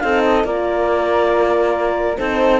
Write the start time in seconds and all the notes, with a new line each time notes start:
0.00 C4 D#4 A4 F5
0.25 D#5
0.45 A#3 F4 A#4 D5
2.18 C4 D#4 A4 C5